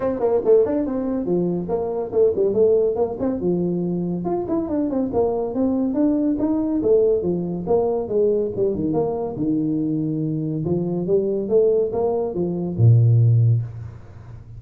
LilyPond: \new Staff \with { instrumentName = "tuba" } { \time 4/4 \tempo 4 = 141 c'8 ais8 a8 d'8 c'4 f4 | ais4 a8 g8 a4 ais8 c'8 | f2 f'8 e'8 d'8 c'8 | ais4 c'4 d'4 dis'4 |
a4 f4 ais4 gis4 | g8 dis8 ais4 dis2~ | dis4 f4 g4 a4 | ais4 f4 ais,2 | }